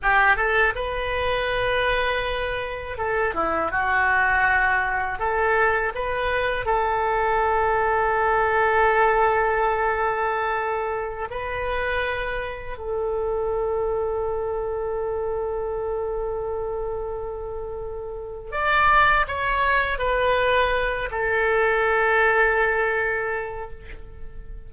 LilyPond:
\new Staff \with { instrumentName = "oboe" } { \time 4/4 \tempo 4 = 81 g'8 a'8 b'2. | a'8 e'8 fis'2 a'4 | b'4 a'2.~ | a'2.~ a'16 b'8.~ |
b'4~ b'16 a'2~ a'8.~ | a'1~ | a'4 d''4 cis''4 b'4~ | b'8 a'2.~ a'8 | }